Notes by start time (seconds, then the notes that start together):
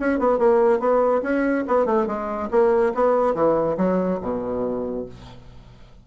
0.00 C#4
0.20 B3
0.39 A#3
0.80 B3
1.23 C#4
1.68 B3
1.86 A3
2.07 G#3
2.51 A#3
2.95 B3
3.35 E3
3.78 F#3
4.22 B2